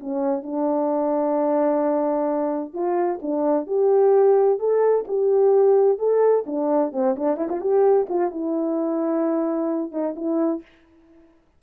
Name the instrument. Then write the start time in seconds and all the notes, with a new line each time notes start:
horn
0.00 C#4
0.43 D4
2.73 F4
3.22 D4
3.67 G4
4.59 A4
5.07 G4
5.98 A4
6.46 D4
6.92 C4
7.16 D4
7.37 E4
7.49 F4
7.60 G4
8.09 F4
8.30 E4
9.91 D#4
10.16 E4